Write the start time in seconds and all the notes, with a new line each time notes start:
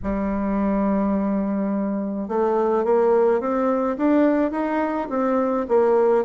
0.03 G3
2.28 A3
2.84 A#3
3.40 C4
3.97 D4
4.51 D#4
5.09 C4
5.68 A#3